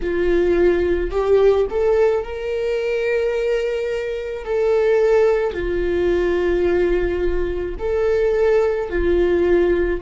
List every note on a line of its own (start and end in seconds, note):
0.01 1.11 F4
1.11 1.66 G4
1.69 2.23 A4
2.23 4.45 A#4
4.45 5.53 A4
5.53 7.75 F4
7.78 8.89 A4
8.89 10.01 F4